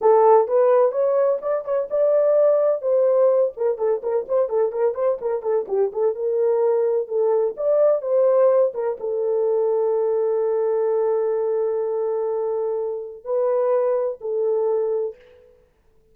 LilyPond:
\new Staff \with { instrumentName = "horn" } { \time 4/4 \tempo 4 = 127 a'4 b'4 cis''4 d''8 cis''8 | d''2 c''4. ais'8 | a'8 ais'8 c''8 a'8 ais'8 c''8 ais'8 a'8 | g'8 a'8 ais'2 a'4 |
d''4 c''4. ais'8 a'4~ | a'1~ | a'1 | b'2 a'2 | }